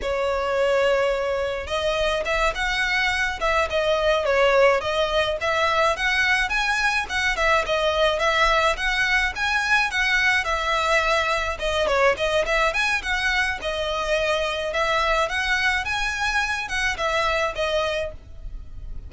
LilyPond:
\new Staff \with { instrumentName = "violin" } { \time 4/4 \tempo 4 = 106 cis''2. dis''4 | e''8 fis''4. e''8 dis''4 cis''8~ | cis''8 dis''4 e''4 fis''4 gis''8~ | gis''8 fis''8 e''8 dis''4 e''4 fis''8~ |
fis''8 gis''4 fis''4 e''4.~ | e''8 dis''8 cis''8 dis''8 e''8 gis''8 fis''4 | dis''2 e''4 fis''4 | gis''4. fis''8 e''4 dis''4 | }